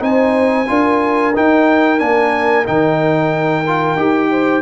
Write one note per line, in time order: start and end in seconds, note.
0.00 0.67 C4
0.00 0.66 D#4
0.00 0.69 C5
0.00 1.35 G#5
0.67 1.36 D4
0.67 1.33 F4
0.67 4.31 A#4
1.35 1.99 D#4
1.35 2.01 D#4
1.35 2.00 G5
1.99 2.67 A#3
1.99 2.65 D4
1.99 2.66 G#5
2.65 3.96 D#3
2.65 3.64 D#4
2.65 4.62 G5
3.67 3.97 F4
3.96 4.62 D#4
3.96 4.62 G4
4.31 4.62 C5